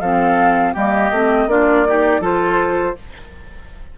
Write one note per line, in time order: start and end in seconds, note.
0.00 0.74 F3
0.00 0.75 C4
0.00 0.73 A4
0.00 0.74 F5
0.73 1.11 G3
0.73 1.12 A#3
0.73 1.47 G4
0.73 1.49 D#5
1.11 1.46 A3
1.11 1.49 C4
1.46 2.20 A#3
1.46 1.86 D4
1.46 1.87 F4
1.46 2.23 D5
1.87 2.21 D#4
1.87 2.21 G4
2.20 2.94 F3
2.20 2.95 F4
2.20 2.95 A4
2.20 2.98 C5